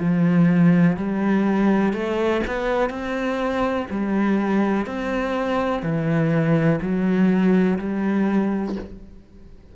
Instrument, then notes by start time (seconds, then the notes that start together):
cello
0.00 F3
0.97 G3
1.93 A3
2.47 B3
2.90 C4
3.91 G3
4.87 C4
5.83 E3
6.81 F#3
7.79 G3